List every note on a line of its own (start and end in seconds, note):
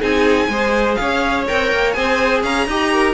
0.00 0.48 C4
0.00 0.49 D#4
0.00 0.48 G#4
0.00 0.95 G#5
0.48 0.96 G#3
0.48 1.47 G#4
0.48 0.99 C5
0.95 1.48 C#4
0.95 1.96 C#5
0.95 1.43 F5
1.47 1.72 C4
1.47 1.94 A#4
1.47 1.92 G5
1.72 1.96 A#3
1.92 2.43 C4
1.92 2.67 G#4
1.92 2.43 C5
1.92 2.40 G#5
2.43 2.66 C#4
2.43 2.67 F5
2.43 3.13 A#5
2.66 3.13 D#4
2.66 3.13 G4
2.66 2.92 D#5
2.92 3.13 A#4